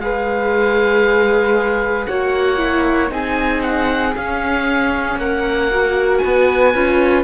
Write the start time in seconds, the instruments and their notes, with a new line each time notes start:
0.00 cello G#3, viola G#4, flute B4, oboe F5
2.06 cello A#3, viola F#4, flute C#5, oboe F#5
2.58 viola E4
3.09 cello C4, viola D#4, flute G#4, oboe G#5
3.63 oboe F#5
4.16 cello C#4, viola C#4, oboe F5
5.16 cello A#3, flute A#4, oboe F#5
5.71 viola F#4
6.18 flute B4, oboe G#5
6.25 cello B3
6.75 cello C#4, viola F4